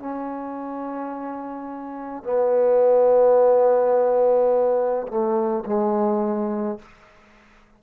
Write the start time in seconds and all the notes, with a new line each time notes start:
0.00 C#4
2.24 B3
5.08 A3
5.66 G#3